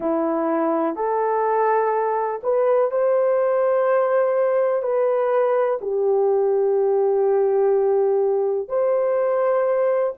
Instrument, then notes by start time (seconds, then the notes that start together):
horn
0.00 E4
0.95 A4
2.43 B4
2.91 C5
4.82 B4
5.81 G4
8.68 C5